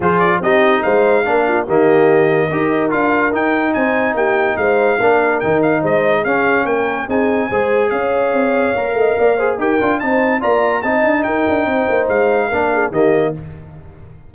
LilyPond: <<
  \new Staff \with { instrumentName = "trumpet" } { \time 4/4 \tempo 4 = 144 c''8 d''8 dis''4 f''2 | dis''2. f''4 | g''4 gis''4 g''4 f''4~ | f''4 g''8 f''8 dis''4 f''4 |
g''4 gis''2 f''4~ | f''2. g''4 | a''4 ais''4 a''4 g''4~ | g''4 f''2 dis''4 | }
  \new Staff \with { instrumentName = "horn" } { \time 4/4 gis'4 g'4 c''4 ais'8 f'8 | g'2 ais'2~ | ais'4 c''4 g'4 c''4 | ais'2 c''4 gis'4 |
ais'4 gis'4 c''4 cis''4~ | cis''4. dis''8 d''8 c''8 ais'4 | c''4 d''4 dis''4 ais'4 | c''2 ais'8 gis'8 g'4 | }
  \new Staff \with { instrumentName = "trombone" } { \time 4/4 f'4 dis'2 d'4 | ais2 g'4 f'4 | dis'1 | d'4 dis'2 cis'4~ |
cis'4 dis'4 gis'2~ | gis'4 ais'4. gis'8 g'8 f'8 | dis'4 f'4 dis'2~ | dis'2 d'4 ais4 | }
  \new Staff \with { instrumentName = "tuba" } { \time 4/4 f4 c'4 gis4 ais4 | dis2 dis'4 d'4 | dis'4 c'4 ais4 gis4 | ais4 dis4 gis4 cis'4 |
ais4 c'4 gis4 cis'4 | c'4 ais8 a8 ais4 dis'8 d'8 | c'4 ais4 c'8 d'8 dis'8 d'8 | c'8 ais8 gis4 ais4 dis4 | }
>>